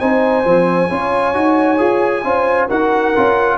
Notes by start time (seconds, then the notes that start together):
0.00 C4 D#4 C5 G#5
0.44 F3 C4
0.90 C#4 F4 C#5
1.34 D#4 F#4
1.78 F4 G#4
2.24 C#4 F4 C5
2.69 D#4 F#4 A#4 F#5
3.16 C#4 F4